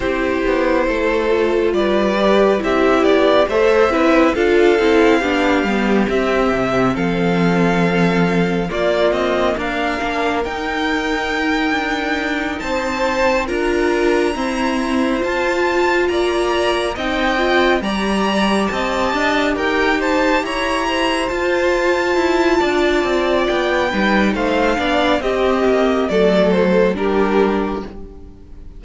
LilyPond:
<<
  \new Staff \with { instrumentName = "violin" } { \time 4/4 \tempo 4 = 69 c''2 d''4 e''8 d''8 | e''4 f''2 e''4 | f''2 d''8 dis''8 f''4 | g''2~ g''8 a''4 ais''8~ |
ais''4. a''4 ais''4 g''8~ | g''8 ais''4 a''4 g''8 a''8 ais''8~ | ais''8 a''2~ a''8 g''4 | f''4 dis''4 d''8 c''8 ais'4 | }
  \new Staff \with { instrumentName = "violin" } { \time 4/4 g'4 a'4 b'4 g'4 | c''8 b'8 a'4 g'2 | a'2 f'4 ais'4~ | ais'2~ ais'8 c''4 ais'8~ |
ais'8 c''2 d''4 dis''8~ | dis''8 d''4 dis''4 ais'8 c''8 cis''8 | c''2 d''4. b'8 | c''8 d''8 g'4 a'4 g'4 | }
  \new Staff \with { instrumentName = "viola" } { \time 4/4 e'4. f'4 g'8 e'4 | a'8 e'8 f'8 e'8 d'8 b8 c'4~ | c'2 ais4. d'8 | dis'2.~ dis'8 f'8~ |
f'8 c'4 f'2 dis'8 | f'8 g'2.~ g'8~ | g'8 f'2. dis'8~ | dis'8 d'8 c'4 a4 d'4 | }
  \new Staff \with { instrumentName = "cello" } { \time 4/4 c'8 b8 a4 g4 c'8 b8 | a8 c'8 d'8 c'8 b8 g8 c'8 c8 | f2 ais8 c'8 d'8 ais8 | dis'4. d'4 c'4 d'8~ |
d'8 e'4 f'4 ais4 c'8~ | c'8 g4 c'8 d'8 dis'4 e'8~ | e'8 f'4 e'8 d'8 c'8 b8 g8 | a8 b8 c'8 ais8 fis4 g4 | }
>>